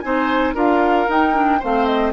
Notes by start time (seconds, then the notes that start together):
0.00 C4 D#4 C5 G#5
0.54 D4 F4 A#4 F5
1.07 D#4 G5
1.33 D4
1.59 A3 C4 C5 F5
1.86 D#5